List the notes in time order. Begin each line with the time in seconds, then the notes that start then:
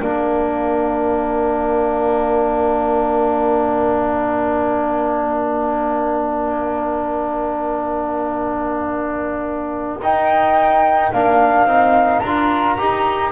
0.00 A#3 D4 A#4 F5
10.01 D#4 G5
11.12 A#3 D4 F5
11.65 C4 D#4
12.20 D4 A#5
12.26 F4
12.78 D#4 G4